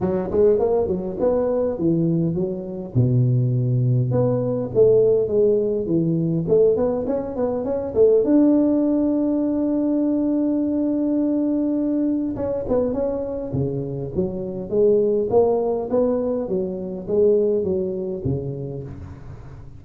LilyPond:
\new Staff \with { instrumentName = "tuba" } { \time 4/4 \tempo 4 = 102 fis8 gis8 ais8 fis8 b4 e4 | fis4 b,2 b4 | a4 gis4 e4 a8 b8 | cis'8 b8 cis'8 a8 d'2~ |
d'1~ | d'4 cis'8 b8 cis'4 cis4 | fis4 gis4 ais4 b4 | fis4 gis4 fis4 cis4 | }